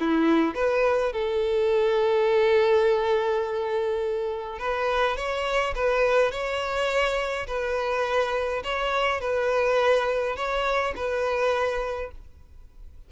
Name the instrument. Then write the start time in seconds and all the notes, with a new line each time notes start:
violin
0.00 E4
0.55 B4
1.13 A4
4.59 B4
5.17 C#5
5.75 B4
6.31 C#5
7.47 B4
8.64 C#5
9.21 B4
10.36 C#5
10.96 B4